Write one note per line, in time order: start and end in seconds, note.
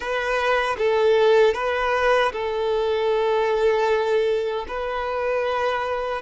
0.00 0.76 B4
0.78 1.54 A4
1.54 2.32 B4
2.32 4.66 A4
4.68 6.21 B4